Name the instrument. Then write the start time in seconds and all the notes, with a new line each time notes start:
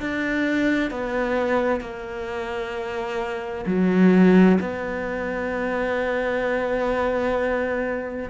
cello
0.00 D4
0.91 B3
1.81 A#3
3.67 F#3
4.61 B3